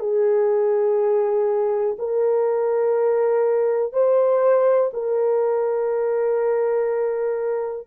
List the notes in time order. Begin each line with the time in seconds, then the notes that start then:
0.00 G#4
1.99 A#4
3.93 C5
4.93 A#4